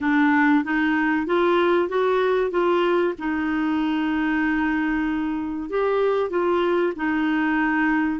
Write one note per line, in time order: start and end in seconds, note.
0.01 0.63 D4
0.63 1.26 D#4
1.26 1.88 F4
1.88 2.50 F#4
2.50 3.13 F4
3.18 5.69 D#4
5.69 6.30 G4
6.30 6.93 F4
6.96 8.19 D#4